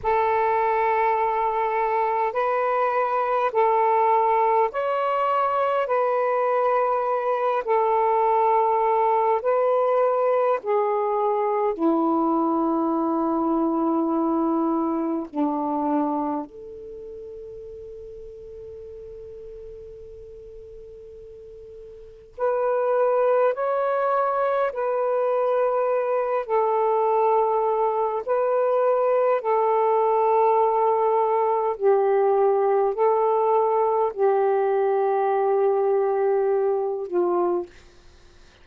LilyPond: \new Staff \with { instrumentName = "saxophone" } { \time 4/4 \tempo 4 = 51 a'2 b'4 a'4 | cis''4 b'4. a'4. | b'4 gis'4 e'2~ | e'4 d'4 a'2~ |
a'2. b'4 | cis''4 b'4. a'4. | b'4 a'2 g'4 | a'4 g'2~ g'8 f'8 | }